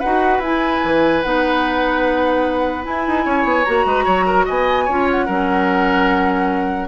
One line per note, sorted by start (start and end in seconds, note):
0.00 0.39 D#4
0.00 0.43 F#4
0.00 3.24 B4
0.00 0.41 F#5
0.39 0.80 E4
0.39 1.24 E4
0.39 1.22 G#5
0.84 1.24 E3
1.22 2.87 B3
1.22 2.84 D#4
1.22 2.84 F#5
2.84 3.65 E4
2.84 3.08 E4
2.84 3.65 G#5
3.08 3.26 D#4
3.25 3.44 C#4
3.25 3.86 C#5
3.44 3.65 B3
3.65 3.85 A#3
3.65 4.88 F#4
3.65 4.46 A#5
3.85 4.06 G#3
3.85 4.05 B4
4.05 4.47 F#3
4.05 4.25 C#5
4.26 4.46 A#4
4.46 4.89 B3
4.46 4.85 D#5
4.46 5.09 G#5
4.85 5.28 C#4
4.85 5.29 F4
4.85 5.26 C#5
5.11 6.89 F#5
5.26 6.89 F#3
5.26 6.89 C#4
5.26 6.88 A#4